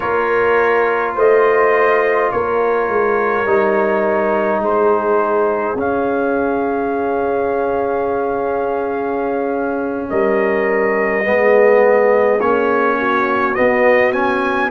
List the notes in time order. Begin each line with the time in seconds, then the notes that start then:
0.00 A#3 F4 A#4 C#5
1.15 A3 C5 D#5
2.31 A#3 A#4 C#5
2.88 G#3
3.44 G3 D#4
4.59 G#3 G#4 C5
5.75 C#4 F5
10.09 G3 A#4 D#5
11.24 G#3 B3 G#4
12.40 A#3 C#4 C#5
12.98 F#4
13.54 B3 D#5
14.12 C#4 G#5